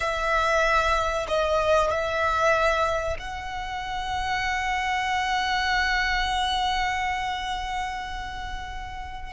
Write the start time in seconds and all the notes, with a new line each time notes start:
0.00 E5
1.27 D#5
1.90 E5
3.18 F#5